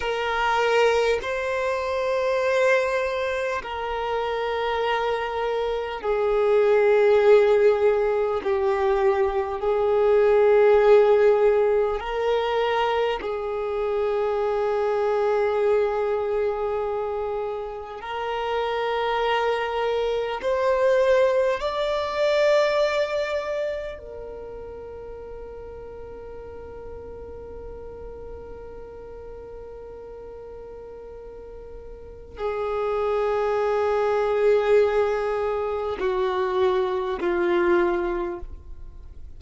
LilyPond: \new Staff \with { instrumentName = "violin" } { \time 4/4 \tempo 4 = 50 ais'4 c''2 ais'4~ | ais'4 gis'2 g'4 | gis'2 ais'4 gis'4~ | gis'2. ais'4~ |
ais'4 c''4 d''2 | ais'1~ | ais'2. gis'4~ | gis'2 fis'4 f'4 | }